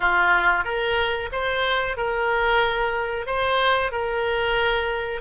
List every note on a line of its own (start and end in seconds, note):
0.00 0.64 F4
0.64 1.29 A#4
1.32 1.96 C5
1.96 3.26 A#4
3.26 3.91 C5
3.91 5.21 A#4